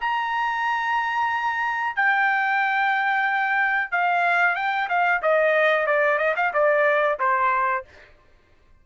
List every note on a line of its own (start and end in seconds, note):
0.00 1.95 A#5
1.95 3.91 G5
3.91 4.55 F5
4.55 4.88 G5
4.89 5.21 F5
5.22 5.86 D#5
5.86 6.18 D5
6.18 6.34 D#5
6.36 6.52 F5
6.53 7.19 D5
7.19 7.84 C5